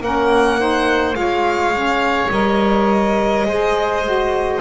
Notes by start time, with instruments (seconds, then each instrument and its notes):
0.00 double bass A#3, saxophone C#4, oboe A#4, violin F#5
0.58 saxophone D#4, oboe C5
1.14 double bass G#3, saxophone F4, oboe C#5, violin F5
1.73 saxophone C#4
2.30 double bass G3, saxophone A#4, violin D#5
3.45 double bass G#3, saxophone G#4, oboe C5
4.03 saxophone F#4